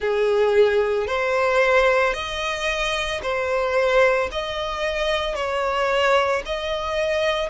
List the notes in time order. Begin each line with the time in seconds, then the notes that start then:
0.00 G#4
1.07 C5
2.13 D#5
3.22 C5
4.31 D#5
5.35 C#5
6.45 D#5